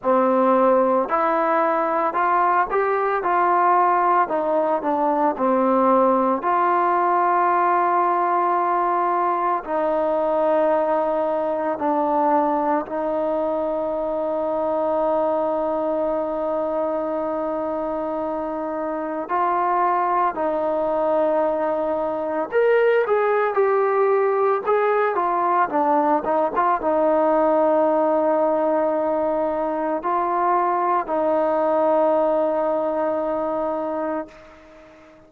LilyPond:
\new Staff \with { instrumentName = "trombone" } { \time 4/4 \tempo 4 = 56 c'4 e'4 f'8 g'8 f'4 | dis'8 d'8 c'4 f'2~ | f'4 dis'2 d'4 | dis'1~ |
dis'2 f'4 dis'4~ | dis'4 ais'8 gis'8 g'4 gis'8 f'8 | d'8 dis'16 f'16 dis'2. | f'4 dis'2. | }